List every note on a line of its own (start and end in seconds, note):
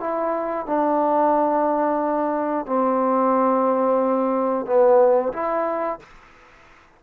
0.00 0.67 E4
0.67 2.66 D4
2.66 4.66 C4
4.66 5.33 B3
5.33 5.99 E4